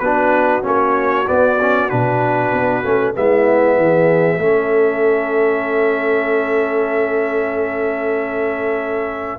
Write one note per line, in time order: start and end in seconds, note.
0.00 0.63 B3
0.00 0.63 D4
0.00 3.16 F#4
0.00 0.62 B4
0.63 1.28 A#3
0.63 1.25 C#4
0.63 1.28 C#5
1.27 1.59 B3
1.27 1.92 B3
1.27 1.90 D5
1.61 1.90 C#4
1.90 2.53 B2
1.90 2.84 D4
1.90 3.15 B4
2.53 2.84 B3
2.84 3.15 A3
2.84 3.15 C#4
3.15 3.78 G#3
3.15 4.40 B3
3.15 3.78 E4
3.15 9.40 E5
3.78 4.38 E3
3.78 4.42 G#4
4.38 9.38 A3
4.38 9.40 C#4
4.38 9.40 A4